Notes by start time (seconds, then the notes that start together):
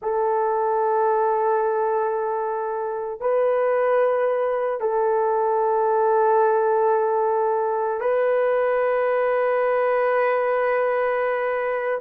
0.01 A4
3.20 B4
4.80 A4
8.00 B4